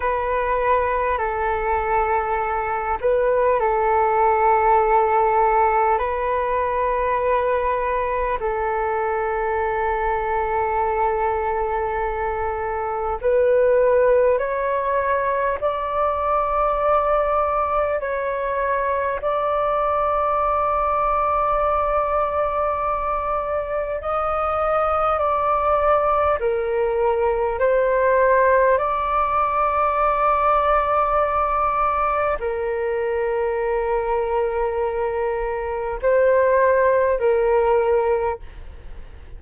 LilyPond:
\new Staff \with { instrumentName = "flute" } { \time 4/4 \tempo 4 = 50 b'4 a'4. b'8 a'4~ | a'4 b'2 a'4~ | a'2. b'4 | cis''4 d''2 cis''4 |
d''1 | dis''4 d''4 ais'4 c''4 | d''2. ais'4~ | ais'2 c''4 ais'4 | }